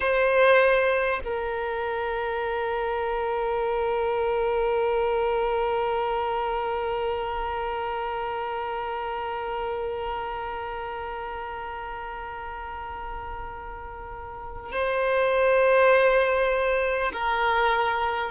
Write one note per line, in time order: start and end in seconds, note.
0.00 1.20 C5
1.24 14.72 A#4
14.72 17.12 C5
17.12 18.31 A#4